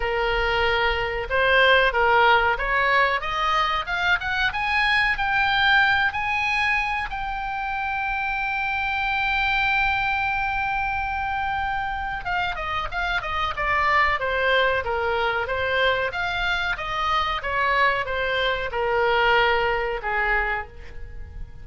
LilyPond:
\new Staff \with { instrumentName = "oboe" } { \time 4/4 \tempo 4 = 93 ais'2 c''4 ais'4 | cis''4 dis''4 f''8 fis''8 gis''4 | g''4. gis''4. g''4~ | g''1~ |
g''2. f''8 dis''8 | f''8 dis''8 d''4 c''4 ais'4 | c''4 f''4 dis''4 cis''4 | c''4 ais'2 gis'4 | }